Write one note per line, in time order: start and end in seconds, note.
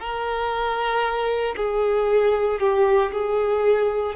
0.00 1.55 A#4
1.57 2.60 G#4
2.60 3.12 G4
3.12 4.16 G#4